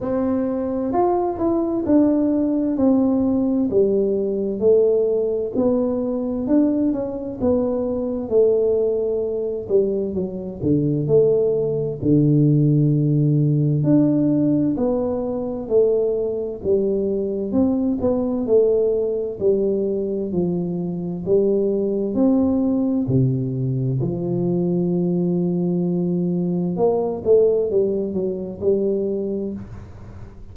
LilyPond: \new Staff \with { instrumentName = "tuba" } { \time 4/4 \tempo 4 = 65 c'4 f'8 e'8 d'4 c'4 | g4 a4 b4 d'8 cis'8 | b4 a4. g8 fis8 d8 | a4 d2 d'4 |
b4 a4 g4 c'8 b8 | a4 g4 f4 g4 | c'4 c4 f2~ | f4 ais8 a8 g8 fis8 g4 | }